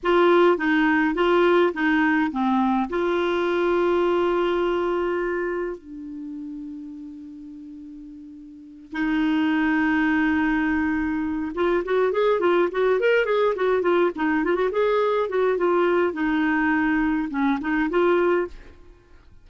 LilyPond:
\new Staff \with { instrumentName = "clarinet" } { \time 4/4 \tempo 4 = 104 f'4 dis'4 f'4 dis'4 | c'4 f'2.~ | f'2 d'2~ | d'2.~ d'8 dis'8~ |
dis'1 | f'8 fis'8 gis'8 f'8 fis'8 ais'8 gis'8 fis'8 | f'8 dis'8 f'16 fis'16 gis'4 fis'8 f'4 | dis'2 cis'8 dis'8 f'4 | }